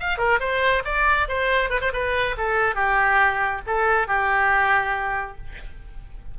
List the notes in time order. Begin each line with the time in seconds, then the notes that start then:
0.00 F5
0.18 A#4
0.40 C5
0.85 D5
1.29 C5
1.70 B4
1.81 C5
1.93 B4
2.38 A4
2.75 G4
3.67 A4
4.08 G4